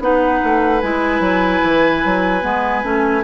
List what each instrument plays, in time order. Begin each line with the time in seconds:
0.00 bassoon B3, clarinet D#4, oboe B4, flute F#5
0.44 bassoon A3
0.81 bassoon G#3, clarinet E4, flute G#5
1.20 bassoon F#3
1.63 bassoon E3
2.05 bassoon F#3
2.42 bassoon G#3, clarinet B3
2.83 bassoon A3, clarinet C#4